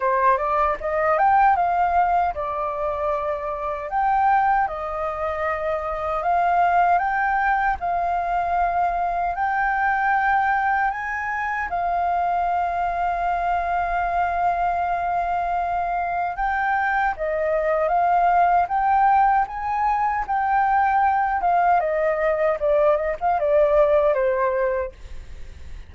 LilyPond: \new Staff \with { instrumentName = "flute" } { \time 4/4 \tempo 4 = 77 c''8 d''8 dis''8 g''8 f''4 d''4~ | d''4 g''4 dis''2 | f''4 g''4 f''2 | g''2 gis''4 f''4~ |
f''1~ | f''4 g''4 dis''4 f''4 | g''4 gis''4 g''4. f''8 | dis''4 d''8 dis''16 f''16 d''4 c''4 | }